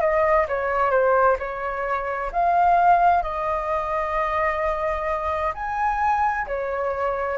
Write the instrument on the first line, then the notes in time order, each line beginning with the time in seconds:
flute
0.00 D#5
0.48 C#5
0.90 C5
1.38 C#5
2.32 F5
3.22 D#5
5.54 G#5
6.47 C#5